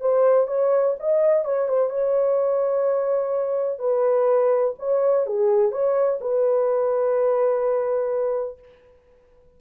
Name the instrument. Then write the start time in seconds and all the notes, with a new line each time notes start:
horn
0.00 C5
0.47 C#5
0.99 D#5
1.45 C#5
1.68 C5
1.89 C#5
3.79 B4
4.79 C#5
5.26 G#4
5.71 C#5
6.21 B4